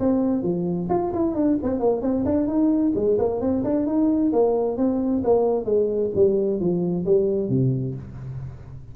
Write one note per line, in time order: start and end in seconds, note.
0.00 0.43 C4
0.43 0.88 F3
0.89 1.12 F4
1.13 1.35 E4
1.35 1.58 D4
1.63 1.80 C4
1.80 2.02 A#3
2.02 2.25 C4
2.26 2.47 D4
2.47 2.93 D#4
2.95 3.18 G#3
3.19 3.41 A#3
3.41 3.64 C4
3.64 3.87 D4
3.87 4.32 D#4
4.33 4.78 A#3
4.78 5.23 C4
5.24 5.65 A#3
5.65 6.11 G#3
6.16 6.60 G3
6.60 7.06 F3
7.06 7.50 G3
7.50 7.95 C3